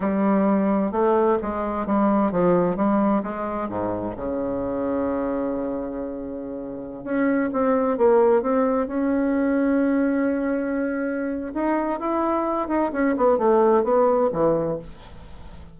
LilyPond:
\new Staff \with { instrumentName = "bassoon" } { \time 4/4 \tempo 4 = 130 g2 a4 gis4 | g4 f4 g4 gis4 | gis,4 cis2.~ | cis2.~ cis16 cis'8.~ |
cis'16 c'4 ais4 c'4 cis'8.~ | cis'1~ | cis'4 dis'4 e'4. dis'8 | cis'8 b8 a4 b4 e4 | }